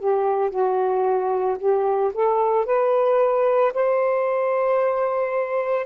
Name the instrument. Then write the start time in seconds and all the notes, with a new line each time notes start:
saxophone
0.00 G4
0.51 F#4
1.58 G4
2.14 A4
2.66 B4
3.74 C5